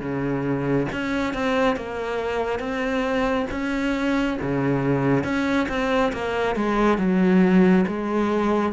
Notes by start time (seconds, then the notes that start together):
0.00 C#3
0.92 C#4
1.33 C4
1.76 A#3
2.59 C4
3.51 C#4
4.42 C#3
5.24 C#4
5.68 C4
6.12 A#3
6.56 G#3
6.98 F#3
7.87 G#3